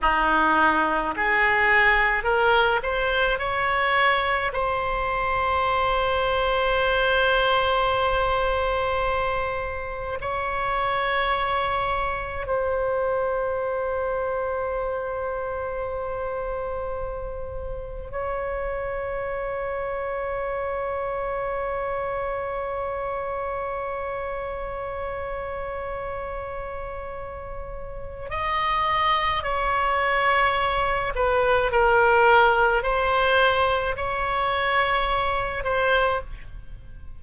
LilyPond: \new Staff \with { instrumentName = "oboe" } { \time 4/4 \tempo 4 = 53 dis'4 gis'4 ais'8 c''8 cis''4 | c''1~ | c''4 cis''2 c''4~ | c''1 |
cis''1~ | cis''1~ | cis''4 dis''4 cis''4. b'8 | ais'4 c''4 cis''4. c''8 | }